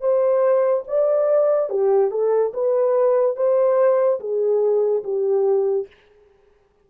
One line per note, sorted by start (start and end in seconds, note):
0.00 0.83 C5
0.87 1.69 D5
1.69 2.10 G4
2.10 2.52 A4
2.53 3.36 B4
3.36 4.19 C5
4.20 5.03 G#4
5.03 5.87 G4